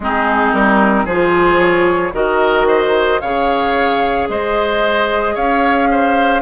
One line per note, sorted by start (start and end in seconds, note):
0.00 0.51 G#3
0.00 1.09 C4
0.00 1.05 D#4
0.00 0.52 G#4
0.52 1.04 G3
0.52 1.06 A#4
1.04 2.11 F3
1.04 2.12 F4
1.04 2.12 G#4
1.04 1.59 C5
1.59 2.12 C#5
2.12 3.21 D#3
2.12 3.20 F#4
2.12 2.67 A#4
2.12 3.20 D#5
2.67 3.21 C5
3.20 4.28 C#3
3.20 6.42 G#4
3.20 4.28 C#5
3.20 4.27 F5
4.29 5.36 G#3
4.29 5.35 C5
4.29 5.35 D#5
5.35 6.42 C#4
5.35 5.88 C#5
5.35 6.42 F5
5.91 6.42 C5